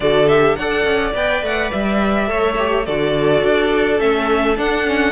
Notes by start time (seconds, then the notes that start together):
0.00 D3 F#4 A4 D5
0.28 G4 E5
0.56 D4 A4 D5 F#5
0.84 C#4
1.14 B3 B4 G5
1.42 A3 F#5
1.71 G3 E5
2.27 A3 A4 C#5
2.58 G4
2.85 D3 F#4 A4 D5
3.42 D4
3.98 A3 C#4 E5
4.57 D4 F#5
4.86 C#4